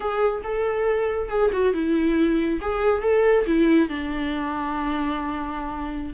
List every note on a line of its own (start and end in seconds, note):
0.00 0.42 G#4
0.43 1.29 A4
1.29 1.50 G#4
1.52 1.73 F#4
1.73 2.60 E4
2.61 3.02 G#4
3.02 3.45 A4
3.46 3.88 E4
3.88 6.13 D4